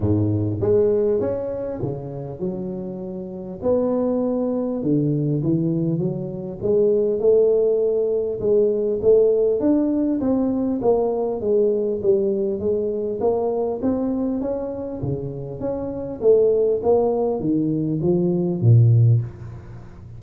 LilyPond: \new Staff \with { instrumentName = "tuba" } { \time 4/4 \tempo 4 = 100 gis,4 gis4 cis'4 cis4 | fis2 b2 | d4 e4 fis4 gis4 | a2 gis4 a4 |
d'4 c'4 ais4 gis4 | g4 gis4 ais4 c'4 | cis'4 cis4 cis'4 a4 | ais4 dis4 f4 ais,4 | }